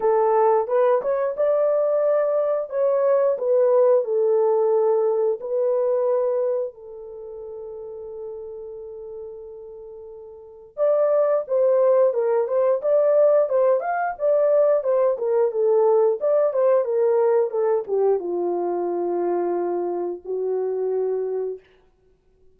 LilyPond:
\new Staff \with { instrumentName = "horn" } { \time 4/4 \tempo 4 = 89 a'4 b'8 cis''8 d''2 | cis''4 b'4 a'2 | b'2 a'2~ | a'1 |
d''4 c''4 ais'8 c''8 d''4 | c''8 f''8 d''4 c''8 ais'8 a'4 | d''8 c''8 ais'4 a'8 g'8 f'4~ | f'2 fis'2 | }